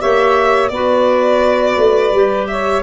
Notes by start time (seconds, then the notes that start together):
0.00 A#3 G4 C#5 E5
0.69 B3 F#4 B4 D5
1.77 A3
2.12 G3 G4
2.47 C#5 E5